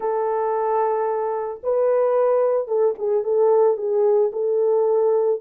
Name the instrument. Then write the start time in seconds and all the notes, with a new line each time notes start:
horn
0.00 A4
1.63 B4
2.67 A4
2.98 G#4
3.23 A4
3.77 G#4
4.32 A4